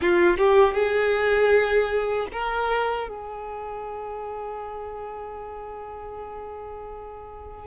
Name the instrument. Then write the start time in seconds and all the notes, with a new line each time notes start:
violin
0.01 F4
0.37 G4
0.73 G#4
2.32 A#4
3.08 G#4